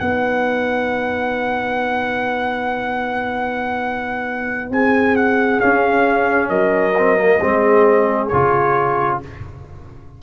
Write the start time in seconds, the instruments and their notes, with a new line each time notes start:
0.00 tuba B3, trombone D#4, horn B4, trumpet F#5
4.71 tuba C4, horn G#4, trumpet G#5
5.16 trumpet F#5
5.59 trombone C#4, tuba C#4, trumpet F5
6.49 tuba F#3, horn A#4, trumpet D#5
6.98 trombone C4
7.17 trombone A#3
7.41 tuba G#3, trombone C4, horn G#4
8.28 tuba C#3, trombone F4, trumpet C#5